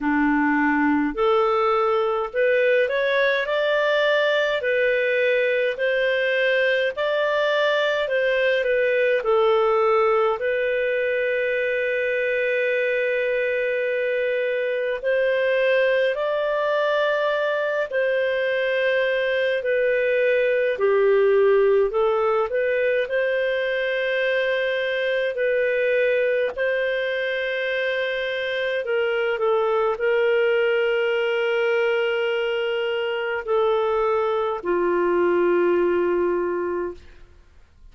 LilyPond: \new Staff \with { instrumentName = "clarinet" } { \time 4/4 \tempo 4 = 52 d'4 a'4 b'8 cis''8 d''4 | b'4 c''4 d''4 c''8 b'8 | a'4 b'2.~ | b'4 c''4 d''4. c''8~ |
c''4 b'4 g'4 a'8 b'8 | c''2 b'4 c''4~ | c''4 ais'8 a'8 ais'2~ | ais'4 a'4 f'2 | }